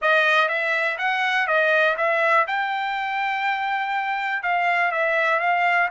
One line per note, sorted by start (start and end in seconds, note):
0.01 0.48 D#5
0.48 0.97 E5
0.97 1.47 F#5
1.47 1.96 D#5
1.97 2.46 E5
2.47 4.42 G5
4.42 4.91 F5
4.91 5.39 E5
5.39 5.88 F5